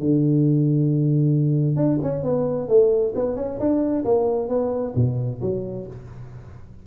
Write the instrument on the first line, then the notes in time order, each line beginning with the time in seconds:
tuba
0.00 D3
1.77 D4
2.03 C#4
2.24 B3
2.69 A3
3.15 B3
3.36 C#4
3.60 D4
4.05 A#3
4.49 B3
4.96 B2
5.42 F#3